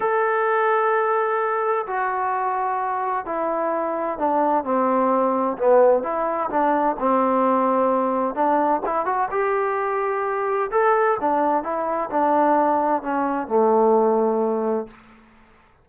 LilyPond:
\new Staff \with { instrumentName = "trombone" } { \time 4/4 \tempo 4 = 129 a'1 | fis'2. e'4~ | e'4 d'4 c'2 | b4 e'4 d'4 c'4~ |
c'2 d'4 e'8 fis'8 | g'2. a'4 | d'4 e'4 d'2 | cis'4 a2. | }